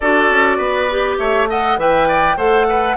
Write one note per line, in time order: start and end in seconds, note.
0.00 0.29 D4
0.00 0.89 F#4
0.00 0.57 A4
0.00 1.18 D5
0.29 0.58 C#4
0.57 1.17 B3
0.57 1.16 B4
0.89 1.49 G4
1.18 1.77 A3
1.18 1.49 C#5
1.18 1.48 E5
1.49 1.78 A4
1.49 1.79 D#5
1.49 1.79 F#5
1.77 2.36 E3
1.77 2.37 B4
1.77 2.08 E5
1.77 2.37 G5
2.08 2.36 D5
2.36 2.96 A3
2.36 2.96 A4
2.36 2.66 C5
2.36 2.96 F#5
2.68 2.96 B4